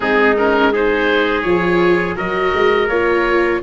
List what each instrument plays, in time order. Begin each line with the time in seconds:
0.00 tuba G#3, viola C4, trumpet D#4, oboe G#4
0.36 viola C#4, oboe A#4
0.72 viola D#4, trumpet G#4, oboe C5
1.42 tuba F3, viola F4, oboe C#5
2.15 tuba F#3, viola F#4, trumpet A#4, oboe D#5
2.53 tuba G#3
2.88 tuba A#3, viola F4, oboe C#5